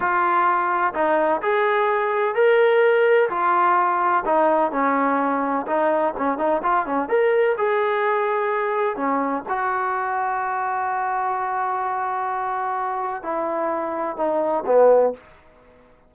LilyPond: \new Staff \with { instrumentName = "trombone" } { \time 4/4 \tempo 4 = 127 f'2 dis'4 gis'4~ | gis'4 ais'2 f'4~ | f'4 dis'4 cis'2 | dis'4 cis'8 dis'8 f'8 cis'8 ais'4 |
gis'2. cis'4 | fis'1~ | fis'1 | e'2 dis'4 b4 | }